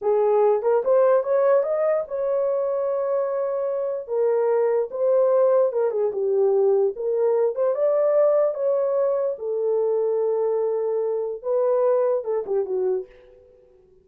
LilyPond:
\new Staff \with { instrumentName = "horn" } { \time 4/4 \tempo 4 = 147 gis'4. ais'8 c''4 cis''4 | dis''4 cis''2.~ | cis''2 ais'2 | c''2 ais'8 gis'8 g'4~ |
g'4 ais'4. c''8 d''4~ | d''4 cis''2 a'4~ | a'1 | b'2 a'8 g'8 fis'4 | }